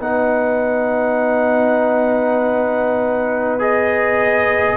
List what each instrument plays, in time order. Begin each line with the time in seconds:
0.00 tuba B3, trombone D#4, horn B4, trumpet F#5
3.60 trombone G#4, trumpet D#5